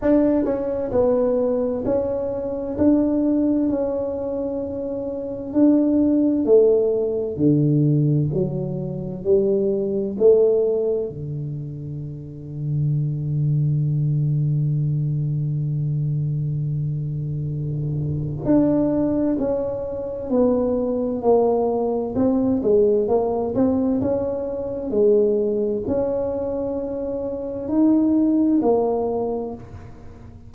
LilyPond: \new Staff \with { instrumentName = "tuba" } { \time 4/4 \tempo 4 = 65 d'8 cis'8 b4 cis'4 d'4 | cis'2 d'4 a4 | d4 fis4 g4 a4 | d1~ |
d1 | d'4 cis'4 b4 ais4 | c'8 gis8 ais8 c'8 cis'4 gis4 | cis'2 dis'4 ais4 | }